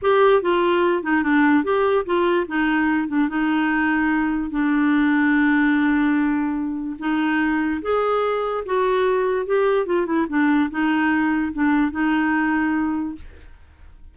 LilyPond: \new Staff \with { instrumentName = "clarinet" } { \time 4/4 \tempo 4 = 146 g'4 f'4. dis'8 d'4 | g'4 f'4 dis'4. d'8 | dis'2. d'4~ | d'1~ |
d'4 dis'2 gis'4~ | gis'4 fis'2 g'4 | f'8 e'8 d'4 dis'2 | d'4 dis'2. | }